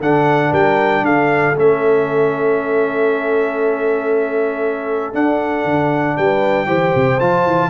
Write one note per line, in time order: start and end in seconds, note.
0.00 0.51 D3
0.00 1.55 D4
0.00 0.51 A4
0.00 0.53 F#5
0.51 1.01 G3
0.51 1.02 A#4
0.51 1.04 G5
1.01 1.52 D3
1.01 6.17 A4
1.01 1.56 F5
1.56 5.14 A3
1.56 5.13 C#4
1.56 5.14 E5
5.13 6.66 D4
5.13 5.64 D4
5.13 6.17 F#5
5.64 6.15 D3
6.17 6.66 G3
6.17 6.66 B4
6.17 7.19 G5
6.66 6.92 E3
6.66 7.18 G4
6.66 7.68 C5
6.95 7.20 C3
7.20 7.45 F3
7.20 7.69 F4
7.20 7.69 A5
7.45 7.69 E3